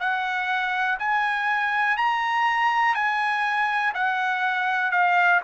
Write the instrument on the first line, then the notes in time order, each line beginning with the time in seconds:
trumpet
0.00 F#5
0.99 G#5
1.97 A#5
2.95 G#5
3.94 F#5
4.92 F5